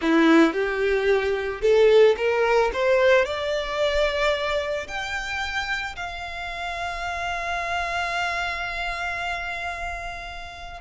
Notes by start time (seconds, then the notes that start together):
0.01 E4
0.53 G4
1.61 A4
2.17 A#4
2.73 C5
3.25 D5
4.87 G5
5.96 F5